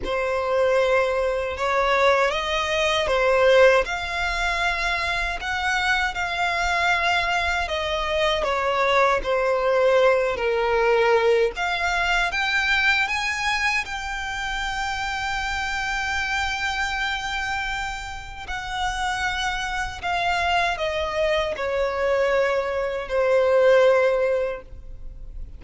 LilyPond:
\new Staff \with { instrumentName = "violin" } { \time 4/4 \tempo 4 = 78 c''2 cis''4 dis''4 | c''4 f''2 fis''4 | f''2 dis''4 cis''4 | c''4. ais'4. f''4 |
g''4 gis''4 g''2~ | g''1 | fis''2 f''4 dis''4 | cis''2 c''2 | }